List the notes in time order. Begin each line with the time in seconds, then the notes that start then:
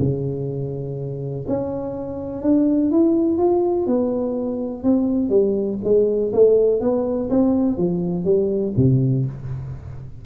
0.00 C#3
1.48 C#4
2.43 D4
2.91 E4
3.38 F4
3.87 B3
4.84 C4
5.30 G3
5.84 G#3
6.33 A3
6.81 B3
7.30 C4
7.78 F3
8.25 G3
8.77 C3